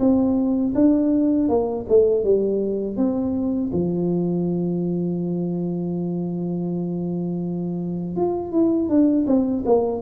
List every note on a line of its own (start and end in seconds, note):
0.00 0.74 C4
0.75 1.49 D4
1.49 1.86 A#3
1.89 2.25 A3
2.25 2.97 G3
2.97 3.71 C4
3.73 8.16 F3
8.16 8.52 F4
8.52 8.89 E4
8.89 9.26 D4
9.27 9.64 C4
9.66 10.02 A#3